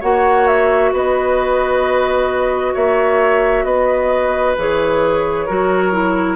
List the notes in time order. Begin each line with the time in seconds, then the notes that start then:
0.00 A#3 F#4 C#5 F#5
0.47 E5
0.92 B3 B4 D#5
2.74 A#3 C#5 E5
3.64 B3 B4 D#5
4.58 E3 G#4 C#5
5.46 F#3 F#4 A#4
5.92 E4